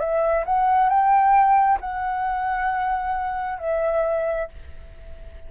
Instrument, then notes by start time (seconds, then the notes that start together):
flute
0.00 E5
0.46 F#5
0.90 G5
1.81 F#5
3.59 E5